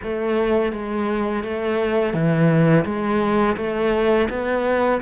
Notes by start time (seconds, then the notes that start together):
0.02 A3
0.72 G#3
1.43 A3
2.13 E3
2.85 G#3
3.56 A3
4.29 B3